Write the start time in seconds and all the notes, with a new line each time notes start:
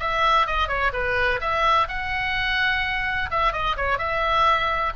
0.00 E5
0.47 D#5
0.69 C#5
0.93 B4
1.41 E5
1.88 F#5
3.31 E5
3.53 D#5
3.77 C#5
3.99 E5